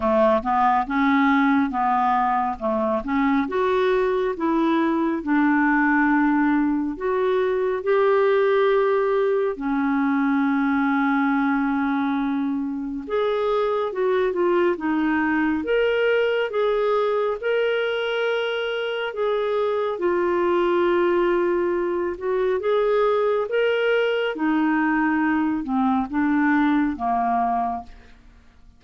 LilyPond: \new Staff \with { instrumentName = "clarinet" } { \time 4/4 \tempo 4 = 69 a8 b8 cis'4 b4 a8 cis'8 | fis'4 e'4 d'2 | fis'4 g'2 cis'4~ | cis'2. gis'4 |
fis'8 f'8 dis'4 ais'4 gis'4 | ais'2 gis'4 f'4~ | f'4. fis'8 gis'4 ais'4 | dis'4. c'8 d'4 ais4 | }